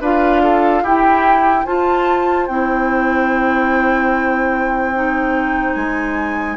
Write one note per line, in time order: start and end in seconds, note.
0.00 0.82 D4
0.00 0.85 F4
0.00 0.42 B4
0.00 0.85 F5
0.42 0.83 A4
0.82 1.64 E4
0.82 1.66 E4
0.82 1.65 G4
0.82 1.65 G5
1.65 2.48 F4
1.65 6.57 C5
1.65 2.47 A5
2.47 5.76 C4
2.47 4.94 E4
2.47 5.74 G5
4.94 6.57 D#4
5.74 6.57 G#3
5.74 6.56 G#5